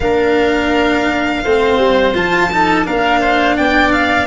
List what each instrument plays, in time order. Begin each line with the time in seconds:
0.00 tuba A#3, cello D4, oboe A#4, violin F5
1.43 tuba A3, cello C4, oboe C5
1.77 tuba G3
2.14 tuba F3, cello F4, violin A5
2.51 cello D#4, oboe A4
2.84 tuba A#3, cello D4, oboe A#4, violin F5
3.20 oboe C5
3.56 tuba B3, oboe D5, violin G5
3.92 violin F5